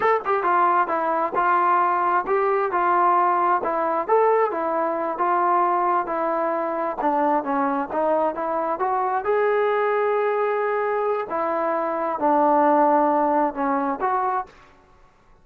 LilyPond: \new Staff \with { instrumentName = "trombone" } { \time 4/4 \tempo 4 = 133 a'8 g'8 f'4 e'4 f'4~ | f'4 g'4 f'2 | e'4 a'4 e'4. f'8~ | f'4. e'2 d'8~ |
d'8 cis'4 dis'4 e'4 fis'8~ | fis'8 gis'2.~ gis'8~ | gis'4 e'2 d'4~ | d'2 cis'4 fis'4 | }